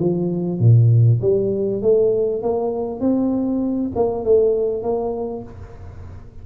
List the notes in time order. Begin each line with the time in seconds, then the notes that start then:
0.00 F3
0.60 A#2
1.22 G3
1.82 A3
2.43 A#3
3.01 C4
3.96 A#3
4.25 A3
4.83 A#3